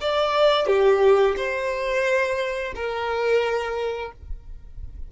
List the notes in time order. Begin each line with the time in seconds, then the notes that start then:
0.00 D5
0.67 G4
1.36 C5
2.75 A#4